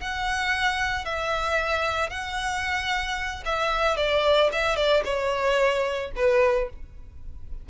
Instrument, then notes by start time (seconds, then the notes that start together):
violin
0.00 F#5
1.05 E5
2.10 F#5
3.45 E5
3.96 D5
4.52 E5
4.76 D5
5.04 C#5
6.16 B4